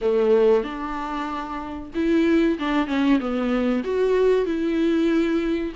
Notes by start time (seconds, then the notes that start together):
0.01 A3
0.63 D4
1.94 E4
2.59 D4
2.87 C#4
3.19 B3
3.84 F#4
4.45 E4